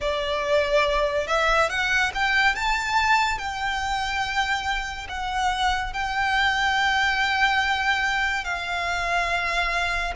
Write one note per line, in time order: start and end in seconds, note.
0.00 1.27 D5
1.27 1.69 E5
1.69 2.11 F#5
2.14 2.55 G5
2.55 3.38 A5
3.38 5.07 G5
5.08 5.93 F#5
5.93 8.44 G5
8.44 10.13 F5